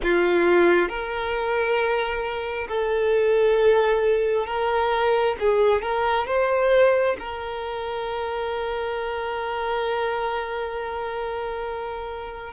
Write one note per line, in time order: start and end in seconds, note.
0.02 0.88 F4
0.88 2.67 A#4
2.68 4.46 A4
4.46 5.35 A#4
5.39 5.82 G#4
5.82 6.26 A#4
6.26 7.16 C5
7.19 12.53 A#4